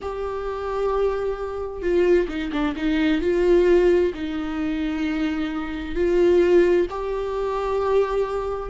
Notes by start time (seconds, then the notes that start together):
0.01 G4
1.82 F4
2.28 D#4
2.52 D4
2.75 D#4
3.21 F4
4.13 D#4
5.95 F4
6.90 G4